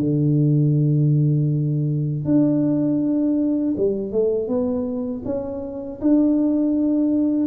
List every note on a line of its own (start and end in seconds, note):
0.00 2.25 D3
2.25 3.75 D4
3.77 4.12 G3
4.12 4.48 A3
4.48 5.23 B3
5.25 6.00 C#4
6.01 7.47 D4